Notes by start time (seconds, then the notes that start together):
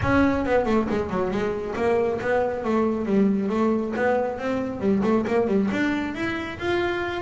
0.02 C#4
0.45 B3
0.65 A3
0.89 G#3
1.09 F#3
1.30 G#3
1.76 A#3
2.21 B3
2.64 A3
3.05 G3
3.49 A3
3.96 B3
4.38 C4
4.80 G3
5.03 A3
5.27 A#3
5.47 G3
5.71 D4
6.14 E4
6.59 F4